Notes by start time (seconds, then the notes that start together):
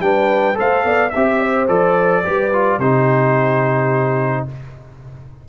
0.00 G3 D4 B4 G5
0.54 A3 A4 C5 F5
0.84 B3 D5
1.10 C4 G4 E5
1.40 C5
1.68 F3 A4 D5
2.24 G3 G4 B4
2.53 F4
2.78 C3 D#4 G4 C5